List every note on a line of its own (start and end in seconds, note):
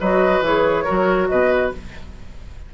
0.00 0.41 F#3
0.00 0.44 F#4
0.00 0.84 B4
0.00 0.44 D#5
0.41 0.84 E3
0.41 0.86 G#4
0.41 1.28 C#5
0.84 1.30 F#3
0.84 1.73 F#4
0.84 1.27 A#4
1.28 1.73 B2
1.28 1.74 B4
1.28 1.71 D#5